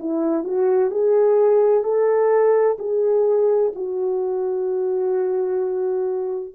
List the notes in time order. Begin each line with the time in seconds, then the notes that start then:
0.00 E4
0.44 F#4
0.91 G#4
1.84 A4
2.80 G#4
3.75 F#4